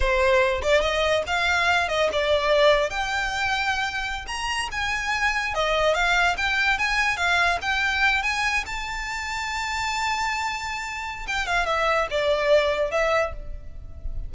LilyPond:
\new Staff \with { instrumentName = "violin" } { \time 4/4 \tempo 4 = 144 c''4. d''8 dis''4 f''4~ | f''8 dis''8 d''2 g''4~ | g''2~ g''16 ais''4 gis''8.~ | gis''4~ gis''16 dis''4 f''4 g''8.~ |
g''16 gis''4 f''4 g''4. gis''16~ | gis''8. a''2.~ a''16~ | a''2. g''8 f''8 | e''4 d''2 e''4 | }